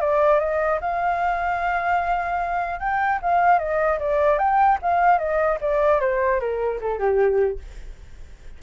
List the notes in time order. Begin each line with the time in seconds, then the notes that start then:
0.00 D5
0.39 D#5
0.81 F5
2.79 G5
3.21 F5
3.58 D#5
3.99 D5
4.38 G5
4.82 F5
5.18 D#5
5.61 D5
6.00 C5
6.39 A#4
6.80 A4
6.98 G4